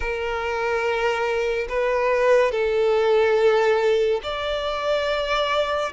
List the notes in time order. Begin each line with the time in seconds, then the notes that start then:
0.00 A#4
1.68 B4
2.51 A4
4.23 D5